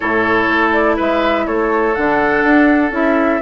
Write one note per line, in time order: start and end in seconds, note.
0.00 0.48 A2
0.00 1.95 E4
0.00 0.96 A4
0.00 0.70 C#5
0.48 0.97 A3
0.72 0.96 D5
0.96 1.46 G#3
0.96 1.45 B4
0.96 1.46 E5
1.46 1.95 A3
1.46 3.42 A4
1.46 1.94 C#5
1.94 2.43 D3
1.94 2.91 D4
1.94 2.92 F#5
2.43 2.90 D4
2.90 3.39 C#4
2.90 3.40 E4
2.90 3.42 E5